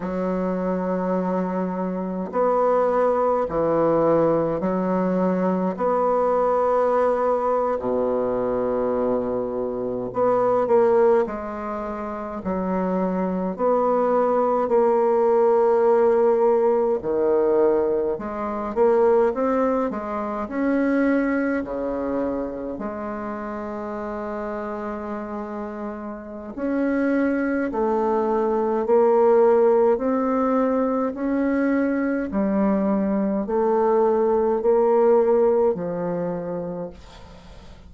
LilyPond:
\new Staff \with { instrumentName = "bassoon" } { \time 4/4 \tempo 4 = 52 fis2 b4 e4 | fis4 b4.~ b16 b,4~ b,16~ | b,8. b8 ais8 gis4 fis4 b16~ | b8. ais2 dis4 gis16~ |
gis16 ais8 c'8 gis8 cis'4 cis4 gis16~ | gis2. cis'4 | a4 ais4 c'4 cis'4 | g4 a4 ais4 f4 | }